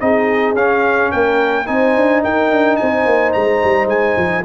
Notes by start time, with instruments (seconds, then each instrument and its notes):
0.00 tuba C4, trombone D#4, horn G#4, trumpet D#5
0.54 tuba C#4, trombone C#4, trumpet F5
1.11 tuba A#3, horn A#4, trumpet G5
1.66 tuba C4, trombone D#4, horn C5, trumpet G#5
1.96 tuba D4
2.23 tuba D#4, horn A#4, trumpet G5
2.52 tuba D4
2.76 tuba C4, horn C5, trumpet G#5
3.06 tuba A#3
3.33 tuba G#3, trumpet A#5
3.64 tuba G3
3.87 tuba G#3, trumpet G#5
4.17 tuba F3